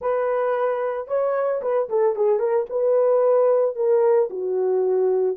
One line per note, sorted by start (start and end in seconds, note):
0.01 1.07 B4
1.07 1.61 C#5
1.62 1.88 B4
1.89 2.15 A4
2.15 2.39 G#4
2.39 2.65 A#4
2.69 3.75 B4
3.75 4.29 A#4
4.30 5.36 F#4